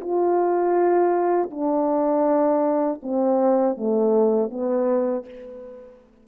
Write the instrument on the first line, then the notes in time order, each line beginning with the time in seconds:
horn
0.00 F4
1.50 D4
3.02 C4
3.76 A3
4.50 B3